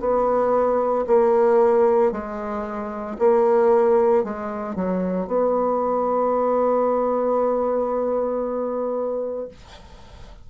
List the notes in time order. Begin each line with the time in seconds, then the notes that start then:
0.00 B3
1.07 A#3
2.11 G#3
3.19 A#3
4.24 G#3
4.76 F#3
5.27 B3